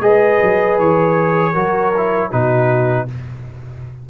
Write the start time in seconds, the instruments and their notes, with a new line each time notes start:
0.00 tuba G#3, trombone G#4, horn B4, trumpet D#5
0.42 tuba F#3
0.78 tuba E3, trumpet C#5
1.52 tuba F#3, trombone F#4, horn A#4
1.96 trombone E4
2.30 tuba B2, trombone D#4, horn F#4, trumpet B4